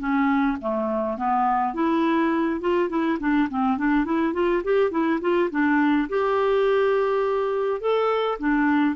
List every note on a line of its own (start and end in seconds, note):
0.00 0.58 C#4
0.61 1.18 A3
1.18 1.74 B3
1.74 2.61 E4
2.61 2.90 F4
2.90 3.19 E4
3.20 3.49 D4
3.50 3.78 C4
3.78 4.05 D4
4.05 4.34 E4
4.34 4.63 F4
4.64 4.91 G4
4.91 5.20 E4
5.21 5.50 F4
5.51 6.09 D4
6.09 7.81 G4
7.81 8.39 A4
8.39 8.96 D4